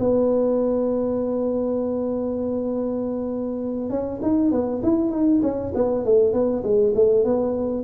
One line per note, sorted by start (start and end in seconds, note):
0.00 3.90 B3
3.90 4.21 C#4
4.23 4.52 D#4
4.52 4.82 B3
4.83 5.11 E4
5.11 5.41 D#4
5.43 5.73 C#4
5.75 6.05 B3
6.05 6.33 A3
6.33 6.64 B3
6.64 6.94 G#3
6.96 7.25 A3
7.25 7.84 B3